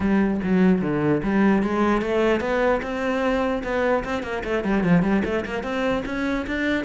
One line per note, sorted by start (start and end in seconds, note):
0.00 0.40 G3
0.43 0.81 F#3
0.81 1.22 D3
1.23 1.63 G3
1.63 2.01 G#3
2.01 2.40 A3
2.40 2.80 B3
2.82 3.62 C4
3.63 4.04 B3
4.04 4.22 C4
4.22 4.43 A#3
4.44 4.63 A3
4.63 4.83 G3
4.83 5.02 F3
5.02 5.22 G3
5.24 5.45 A3
5.45 5.63 A#3
5.63 6.03 C4
6.05 6.46 C#4
6.46 6.84 D4